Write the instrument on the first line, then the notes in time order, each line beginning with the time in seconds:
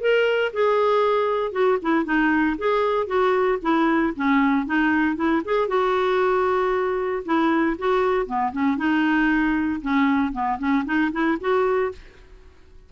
clarinet
0.00 A#4
0.53 G#4
1.52 F#4
1.82 E4
2.04 D#4
2.58 G#4
3.06 F#4
3.62 E4
4.16 C#4
4.66 D#4
5.16 E4
5.44 G#4
5.68 F#4
7.25 E4
7.78 F#4
8.26 B3
8.52 C#4
8.77 D#4
9.81 C#4
10.32 B3
10.58 C#4
10.85 D#4
11.12 E4
11.40 F#4